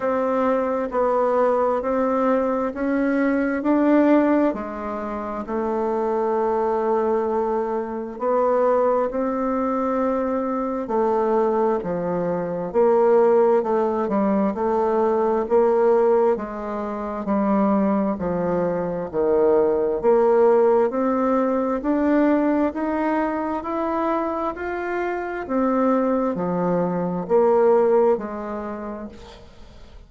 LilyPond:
\new Staff \with { instrumentName = "bassoon" } { \time 4/4 \tempo 4 = 66 c'4 b4 c'4 cis'4 | d'4 gis4 a2~ | a4 b4 c'2 | a4 f4 ais4 a8 g8 |
a4 ais4 gis4 g4 | f4 dis4 ais4 c'4 | d'4 dis'4 e'4 f'4 | c'4 f4 ais4 gis4 | }